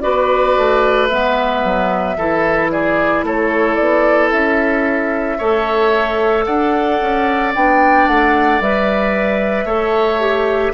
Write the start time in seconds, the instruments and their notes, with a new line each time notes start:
0.00 bassoon B3, clarinet F#4, oboe B4, flute D5
0.57 bassoon A3
1.08 bassoon G#3, clarinet B3, flute E5
1.64 bassoon F#3
2.17 bassoon E3, clarinet E4, oboe A4
2.71 oboe G#4, flute D5
3.23 bassoon A3, oboe A4, flute C#5
3.74 bassoon B3, flute D5
4.31 bassoon C#4, flute E5
5.38 bassoon A3, clarinet A4, oboe C#5
6.45 bassoon D4, oboe D5, flute F#5
7.01 bassoon C#4
7.55 bassoon B3, clarinet D4, flute G5
8.07 bassoon A3, flute F#5
8.60 bassoon G3, clarinet B4, flute E5
9.65 bassoon A3, clarinet A4, oboe C#5
10.20 clarinet G4